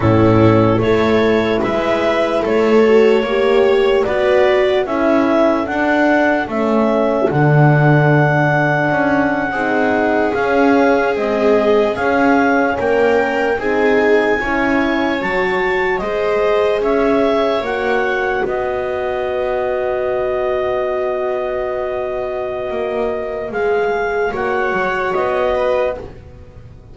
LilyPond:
<<
  \new Staff \with { instrumentName = "clarinet" } { \time 4/4 \tempo 4 = 74 a'4 cis''4 e''4 cis''4~ | cis''4 d''4 e''4 fis''4 | e''4 fis''2.~ | fis''8. f''4 dis''4 f''4 g''16~ |
g''8. gis''2 a''4 dis''16~ | dis''8. e''4 fis''4 dis''4~ dis''16~ | dis''1~ | dis''4 f''4 fis''4 dis''4 | }
  \new Staff \with { instrumentName = "viola" } { \time 4/4 e'4 a'4 b'4 a'4 | cis''4 b'4 a'2~ | a'2.~ a'8. gis'16~ | gis'2.~ gis'8. ais'16~ |
ais'8. gis'4 cis''2 c''16~ | c''8. cis''2 b'4~ b'16~ | b'1~ | b'2 cis''4. b'8 | }
  \new Staff \with { instrumentName = "horn" } { \time 4/4 cis'4 e'2~ e'8 fis'8 | g'4 fis'4 e'4 d'4 | cis'4 d'2~ d'8. dis'16~ | dis'8. cis'4 gis4 cis'4~ cis'16~ |
cis'8. dis'4 e'4 fis'4 gis'16~ | gis'4.~ gis'16 fis'2~ fis'16~ | fis'1~ | fis'4 gis'4 fis'2 | }
  \new Staff \with { instrumentName = "double bass" } { \time 4/4 a,4 a4 gis4 a4 | ais4 b4 cis'4 d'4 | a4 d2 cis'8. c'16~ | c'8. cis'4 c'4 cis'4 ais16~ |
ais8. c'4 cis'4 fis4 gis16~ | gis8. cis'4 ais4 b4~ b16~ | b1 | ais4 gis4 ais8 fis8 b4 | }
>>